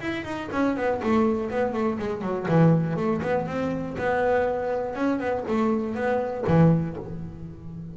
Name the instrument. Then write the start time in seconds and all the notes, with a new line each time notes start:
double bass
0.00 E4
0.24 D#4
0.51 C#4
0.76 B3
1.02 A3
1.50 B3
1.73 A3
1.99 G#3
2.21 F#3
2.48 E3
2.96 A3
3.22 B3
3.46 C4
3.98 B3
4.95 C#4
5.20 B3
5.48 A3
5.95 B3
6.47 E3